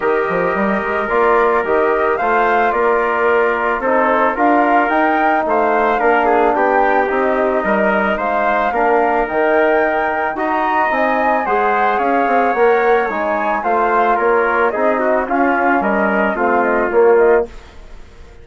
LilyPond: <<
  \new Staff \with { instrumentName = "flute" } { \time 4/4 \tempo 4 = 110 dis''2 d''4 dis''4 | f''4 d''2 c''4 | f''4 g''4 f''2 | g''4 dis''2 f''4~ |
f''4 g''2 ais''4 | gis''4 fis''4 f''4 fis''4 | gis''4 f''4 cis''4 dis''4 | f''4 dis''4 f''8 dis''8 cis''8 dis''8 | }
  \new Staff \with { instrumentName = "trumpet" } { \time 4/4 ais'1 | c''4 ais'2 a'4 | ais'2 c''4 ais'8 gis'8 | g'2 ais'4 c''4 |
ais'2. dis''4~ | dis''4 c''4 cis''2~ | cis''4 c''4 ais'4 gis'8 fis'8 | f'4 ais'4 f'2 | }
  \new Staff \with { instrumentName = "trombone" } { \time 4/4 g'2 f'4 g'4 | f'2. dis'4 | f'4 dis'2 d'4~ | d'4 dis'2. |
d'4 dis'2 fis'4 | dis'4 gis'2 ais'4 | dis'4 f'2 dis'4 | cis'2 c'4 ais4 | }
  \new Staff \with { instrumentName = "bassoon" } { \time 4/4 dis8 f8 g8 gis8 ais4 dis4 | a4 ais2 c'4 | d'4 dis'4 a4 ais4 | b4 c'4 g4 gis4 |
ais4 dis2 dis'4 | c'4 gis4 cis'8 c'8 ais4 | gis4 a4 ais4 c'4 | cis'4 g4 a4 ais4 | }
>>